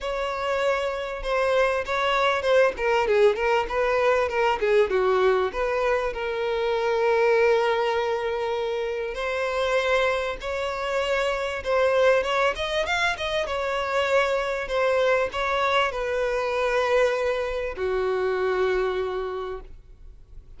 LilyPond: \new Staff \with { instrumentName = "violin" } { \time 4/4 \tempo 4 = 98 cis''2 c''4 cis''4 | c''8 ais'8 gis'8 ais'8 b'4 ais'8 gis'8 | fis'4 b'4 ais'2~ | ais'2. c''4~ |
c''4 cis''2 c''4 | cis''8 dis''8 f''8 dis''8 cis''2 | c''4 cis''4 b'2~ | b'4 fis'2. | }